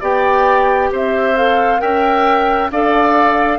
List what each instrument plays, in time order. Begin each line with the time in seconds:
0.00 bassoon B3, clarinet G4, oboe D5, flute G5
0.92 bassoon C4, oboe C5, flute E5
1.36 clarinet A4, flute F5
1.78 bassoon C#4, clarinet A#4, oboe E5, flute G5
2.71 bassoon D4, clarinet A4, oboe D5, flute F5